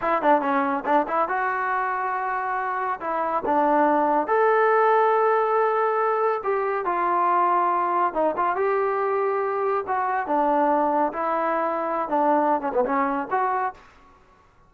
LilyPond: \new Staff \with { instrumentName = "trombone" } { \time 4/4 \tempo 4 = 140 e'8 d'8 cis'4 d'8 e'8 fis'4~ | fis'2. e'4 | d'2 a'2~ | a'2. g'4 |
f'2. dis'8 f'8 | g'2. fis'4 | d'2 e'2~ | e'16 d'4~ d'16 cis'16 b16 cis'4 fis'4 | }